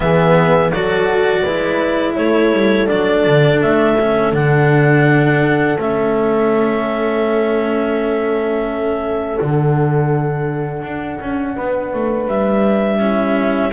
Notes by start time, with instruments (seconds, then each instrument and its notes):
0.00 double bass E3, cello B3, horn G#4, clarinet E5
0.70 double bass F#3, cello F#4, horn A4, clarinet D5
1.42 double bass G#3, cello E4, horn B4
2.15 double bass A3, horn A4, clarinet C#5
2.52 double bass G3
2.86 double bass F#3, cello D4, clarinet D5
3.26 double bass D3
3.61 double bass A3, clarinet E5
3.99 cello C#4
4.32 double bass D3, cello D4, clarinet F#5
5.77 double bass A3, cello C#4, clarinet E5
9.39 double bass D3, cello D4, clarinet F#5
10.82 double bass D4
11.20 double bass C#4
11.55 double bass B3, horn B4
11.93 double bass A3
12.27 double bass G3, clarinet E5
12.99 cello C#4, horn E4